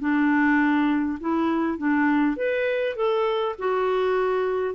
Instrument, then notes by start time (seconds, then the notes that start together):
clarinet
0.00 D4
1.21 E4
1.78 D4
2.37 B4
2.96 A4
3.59 F#4